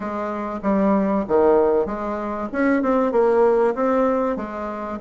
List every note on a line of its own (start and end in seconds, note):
0.00 0.60 G#3
0.62 1.25 G3
1.28 1.86 D#3
1.86 2.48 G#3
2.52 2.82 C#4
2.82 3.11 C4
3.11 3.74 A#3
3.74 4.36 C4
4.36 4.98 G#3